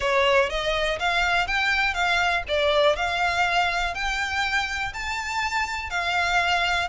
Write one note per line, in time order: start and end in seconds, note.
0.00 0.49 C#5
0.49 0.98 D#5
0.99 1.47 F5
1.47 1.94 G5
1.94 2.43 F5
2.48 2.96 D5
2.96 3.94 F5
3.94 4.92 G5
4.93 5.90 A5
5.90 6.88 F5